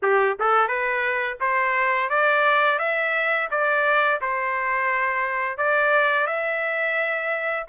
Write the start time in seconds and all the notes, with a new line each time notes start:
0.02 G4
0.39 A4
0.68 B4
1.40 C5
2.09 D5
2.78 E5
3.50 D5
4.21 C5
5.57 D5
6.27 E5